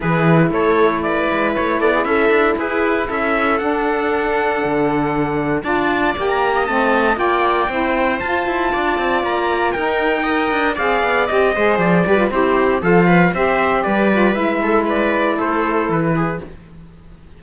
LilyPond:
<<
  \new Staff \with { instrumentName = "trumpet" } { \time 4/4 \tempo 4 = 117 b'4 cis''4 d''4 cis''8 d''8 | e''4 b'4 e''4 fis''4~ | fis''2. a''4 | g''16 ais''8. a''4 g''2 |
a''2 ais''4 g''4~ | g''4 f''4 dis''4 d''4 | c''4 f''4 e''4 d''4 | e''4 d''4 c''4 b'4 | }
  \new Staff \with { instrumentName = "viola" } { \time 4/4 gis'4 a'4 b'4. a'16 gis'16 | a'4 gis'4 a'2~ | a'2. d''4~ | d''8. dis''4~ dis''16 d''4 c''4~ |
c''4 d''2 ais'4 | dis''4 d''4. c''4 b'8 | g'4 a'8 b'8 c''4 b'4~ | b'8 a'8 b'4 a'4. gis'8 | }
  \new Staff \with { instrumentName = "saxophone" } { \time 4/4 e'1~ | e'2. d'4~ | d'2. f'4 | g'4 c'4 f'4 e'4 |
f'2. dis'4 | ais'4 gis'4 g'8 gis'4 g'16 f'16 | e'4 f'4 g'4. f'8 | e'1 | }
  \new Staff \with { instrumentName = "cello" } { \time 4/4 e4 a4. gis8 a8 b8 | cis'8 d'8 e'4 cis'4 d'4~ | d'4 d2 d'4 | ais4 a4 ais4 c'4 |
f'8 e'8 d'8 c'8 ais4 dis'4~ | dis'8 d'8 c'8 b8 c'8 gis8 f8 g8 | c'4 f4 c'4 g4 | gis2 a4 e4 | }
>>